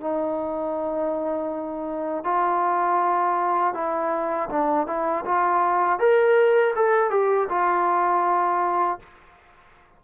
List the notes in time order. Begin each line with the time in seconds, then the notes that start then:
0.00 D#4
2.23 F4
3.73 E4
4.49 D4
4.86 E4
5.25 F4
5.99 A#4
6.75 A4
7.10 G4
7.49 F4